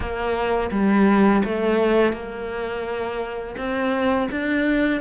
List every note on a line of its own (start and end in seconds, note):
0.00 0.70 A#3
0.71 1.42 G3
1.44 2.12 A3
2.12 3.55 A#3
3.57 4.28 C4
4.31 5.01 D4